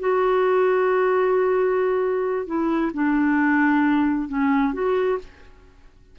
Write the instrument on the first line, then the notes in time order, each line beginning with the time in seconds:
clarinet
0.00 F#4
2.47 E4
2.94 D4
4.29 C#4
4.73 F#4